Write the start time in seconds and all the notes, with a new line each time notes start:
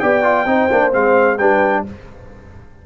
0.00 B3 G4 D5 G5
0.23 F4
0.46 C4 D#4 C5
0.71 A#3 D4
0.92 G#3 C4 F5
1.38 G3 D4 B4 G5